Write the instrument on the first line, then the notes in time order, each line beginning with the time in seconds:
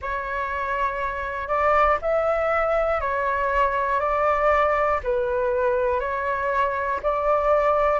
flute
0.01 C#5
1.48 D5
2.01 E5
3.00 C#5
4.00 D5
5.03 B4
6.00 C#5
7.02 D5